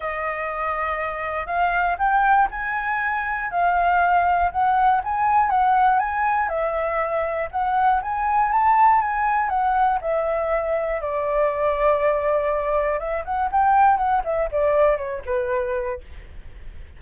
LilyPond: \new Staff \with { instrumentName = "flute" } { \time 4/4 \tempo 4 = 120 dis''2. f''4 | g''4 gis''2 f''4~ | f''4 fis''4 gis''4 fis''4 | gis''4 e''2 fis''4 |
gis''4 a''4 gis''4 fis''4 | e''2 d''2~ | d''2 e''8 fis''8 g''4 | fis''8 e''8 d''4 cis''8 b'4. | }